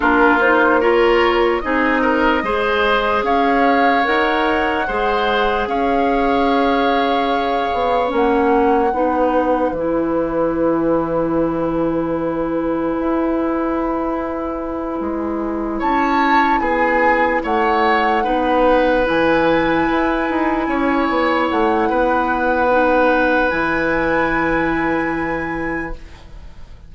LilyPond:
<<
  \new Staff \with { instrumentName = "flute" } { \time 4/4 \tempo 4 = 74 ais'8 c''8 cis''4 dis''2 | f''4 fis''2 f''4~ | f''2 fis''2 | gis''1~ |
gis''2.~ gis''8 a''8~ | a''8 gis''4 fis''2 gis''8~ | gis''2~ gis''8 fis''4.~ | fis''4 gis''2. | }
  \new Staff \with { instrumentName = "oboe" } { \time 4/4 f'4 ais'4 gis'8 ais'8 c''4 | cis''2 c''4 cis''4~ | cis''2. b'4~ | b'1~ |
b'2.~ b'8 cis''8~ | cis''8 gis'4 cis''4 b'4.~ | b'4. cis''4. b'4~ | b'1 | }
  \new Staff \with { instrumentName = "clarinet" } { \time 4/4 d'8 dis'8 f'4 dis'4 gis'4~ | gis'4 ais'4 gis'2~ | gis'2 cis'4 dis'4 | e'1~ |
e'1~ | e'2~ e'8 dis'4 e'8~ | e'1 | dis'4 e'2. | }
  \new Staff \with { instrumentName = "bassoon" } { \time 4/4 ais2 c'4 gis4 | cis'4 dis'4 gis4 cis'4~ | cis'4. b8 ais4 b4 | e1 |
e'2~ e'8 gis4 cis'8~ | cis'8 b4 a4 b4 e8~ | e8 e'8 dis'8 cis'8 b8 a8 b4~ | b4 e2. | }
>>